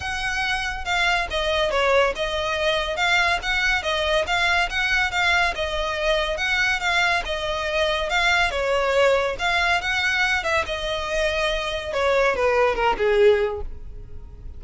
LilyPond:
\new Staff \with { instrumentName = "violin" } { \time 4/4 \tempo 4 = 141 fis''2 f''4 dis''4 | cis''4 dis''2 f''4 | fis''4 dis''4 f''4 fis''4 | f''4 dis''2 fis''4 |
f''4 dis''2 f''4 | cis''2 f''4 fis''4~ | fis''8 e''8 dis''2. | cis''4 b'4 ais'8 gis'4. | }